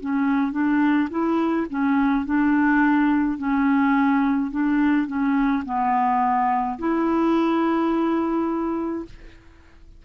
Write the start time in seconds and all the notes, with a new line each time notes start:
0.00 C#4
0.52 D4
1.10 E4
1.70 C#4
2.25 D4
3.38 C#4
4.51 D4
5.07 C#4
5.65 B3
6.79 E4